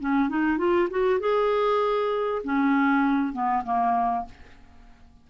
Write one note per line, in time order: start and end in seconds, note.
0.00 0.29 C#4
0.29 0.58 D#4
0.58 0.88 F4
0.90 1.19 F#4
1.19 2.42 G#4
2.44 3.33 C#4
3.33 3.63 B3
3.64 4.25 A#3